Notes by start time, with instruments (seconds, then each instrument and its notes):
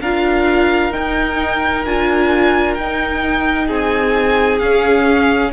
0.00 cello D4, viola F4, violin A#4 F5
0.92 viola D#4, cello D#4, violin G5
1.85 cello D4, viola F4, violin G#5
2.74 cello D#4, viola D#4, violin G5
3.66 cello C4, violin G#4 G#5
4.59 cello C#4, viola C#4, violin F5